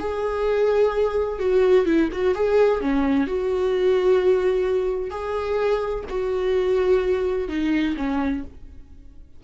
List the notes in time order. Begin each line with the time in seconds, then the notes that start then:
0.00 G#4
1.40 F#4
1.86 E4
2.12 F#4
2.35 G#4
2.81 C#4
3.27 F#4
5.11 G#4
6.10 F#4
7.49 D#4
7.97 C#4